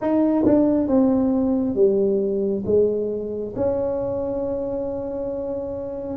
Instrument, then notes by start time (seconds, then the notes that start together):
tuba
0.01 D#4
0.45 D4
0.87 C4
1.75 G3
2.65 G#3
3.56 C#4